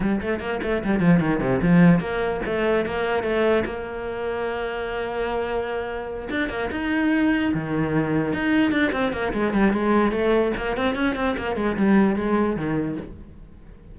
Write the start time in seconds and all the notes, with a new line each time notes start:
0.00 G3
0.21 A3
0.40 A#3
0.62 A3
0.84 G3
1.00 F3
1.20 D#3
1.40 C3
1.62 F3
2.00 A#3
2.45 A3
2.85 A#3
3.23 A3
3.65 A#3
6.30 D4
6.49 A#3
6.71 D#4
7.54 D#3
8.33 D#4
8.71 D4
8.92 C4
9.12 A#3
9.33 G#3
9.53 G3
9.72 G#3
10.11 A3
10.56 A#3
10.76 C4
10.95 C#4
11.15 C4
11.37 A#3
11.56 G#3
11.76 G3
12.15 G#3
12.56 D#3